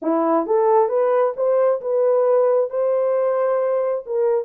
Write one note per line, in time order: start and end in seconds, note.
0.01 0.46 E4
0.46 0.88 A4
0.88 1.33 B4
1.36 1.81 C5
1.81 2.70 B4
2.70 4.04 C5
4.05 4.45 A#4